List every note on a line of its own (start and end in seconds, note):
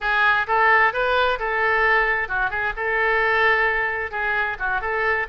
0.00 0.46 G#4
0.47 0.93 A4
0.93 1.39 B4
1.39 2.28 A4
2.28 2.50 F#4
2.50 2.73 G#4
2.76 4.11 A4
4.11 4.57 G#4
4.59 4.81 F#4
4.81 5.27 A4